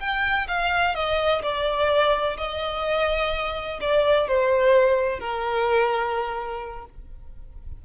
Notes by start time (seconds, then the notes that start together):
0.00 G5
0.47 F5
0.95 D#5
1.42 D5
2.38 D#5
3.81 D5
4.28 C5
5.20 A#4